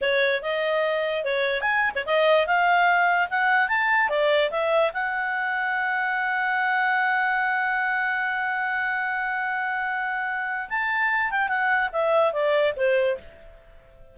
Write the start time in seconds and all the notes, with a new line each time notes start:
0.01 C#5
0.42 D#5
1.24 C#5
1.61 G#5
1.95 C#5
2.06 D#5
2.46 F5
3.30 F#5
3.68 A5
4.09 D5
4.50 E5
4.93 F#5
10.69 A5
11.31 G5
11.48 F#5
11.92 E5
12.32 D5
12.76 C5